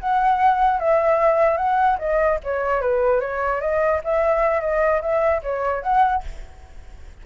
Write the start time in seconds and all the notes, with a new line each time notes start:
0.00 F#5
0.80 E5
1.58 F#5
1.99 D#5
2.44 C#5
2.82 B4
3.21 C#5
3.61 D#5
4.04 E5
4.61 D#5
5.02 E5
5.43 C#5
5.83 F#5